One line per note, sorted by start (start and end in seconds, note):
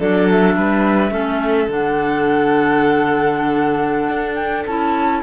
0.00 0.57 F#3
0.00 1.11 D4
0.00 0.57 A4
0.00 0.28 D5
0.31 1.71 E5
0.57 1.11 G3
0.57 1.13 B4
1.11 1.68 A3
1.11 1.68 C#4
1.11 5.23 A4
1.68 4.09 D3
1.68 4.67 D4
1.68 4.36 F#5
4.09 4.65 D4
4.36 4.64 G5
4.67 5.23 C#4
4.67 5.23 E4
4.67 5.23 A5